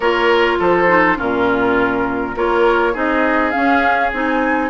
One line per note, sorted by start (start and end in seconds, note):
0.00 0.57 A#3
0.00 0.88 F4
0.00 0.58 A#4
0.00 0.59 C#5
0.59 1.18 F3
0.59 1.17 A4
0.59 1.19 C5
0.88 1.16 D#4
1.16 2.36 A#2
1.16 2.33 C#4
1.16 2.35 F4
1.16 2.37 A#4
2.35 2.95 A#3
2.35 2.94 F4
2.35 2.93 A#4
2.35 2.96 C#5
2.93 3.53 C4
2.93 3.52 D#4
2.93 4.69 G#4
2.93 3.51 D#5
3.51 4.11 C#4
3.51 4.12 C#4
3.51 4.10 F5
4.12 4.69 C4
4.12 4.69 D#4
4.12 4.69 G#5